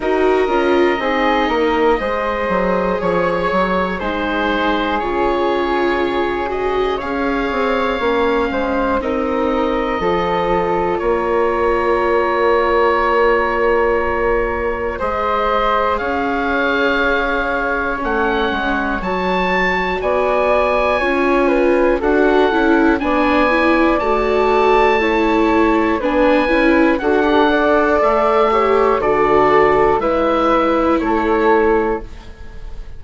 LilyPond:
<<
  \new Staff \with { instrumentName = "oboe" } { \time 4/4 \tempo 4 = 60 dis''2. cis''4 | c''4 cis''4. dis''8 f''4~ | f''4 dis''2 cis''4~ | cis''2. dis''4 |
f''2 fis''4 a''4 | gis''2 fis''4 gis''4 | a''2 gis''4 fis''4 | e''4 d''4 e''4 cis''4 | }
  \new Staff \with { instrumentName = "flute" } { \time 4/4 ais'4 gis'8 ais'8 c''4 cis''4 | gis'2. cis''4~ | cis''8 c''8 ais'4 a'4 ais'4~ | ais'2. c''4 |
cis''1 | d''4 cis''8 b'8 a'4 d''4~ | d''4 cis''4 b'4 a'8 d''8~ | d''8 cis''8 a'4 b'4 a'4 | }
  \new Staff \with { instrumentName = "viola" } { \time 4/4 fis'8 f'8 dis'4 gis'2 | dis'4 f'4. fis'8 gis'4 | cis'4 dis'4 f'2~ | f'2. gis'4~ |
gis'2 cis'4 fis'4~ | fis'4 f'4 fis'8 e'8 d'8 e'8 | fis'4 e'4 d'8 e'8 fis'16 g'16 a'8~ | a'8 g'8 fis'4 e'2 | }
  \new Staff \with { instrumentName = "bassoon" } { \time 4/4 dis'8 cis'8 c'8 ais8 gis8 fis8 f8 fis8 | gis4 cis2 cis'8 c'8 | ais8 gis8 c'4 f4 ais4~ | ais2. gis4 |
cis'2 a8 gis8 fis4 | b4 cis'4 d'8 cis'8 b4 | a2 b8 cis'8 d'4 | a4 d4 gis4 a4 | }
>>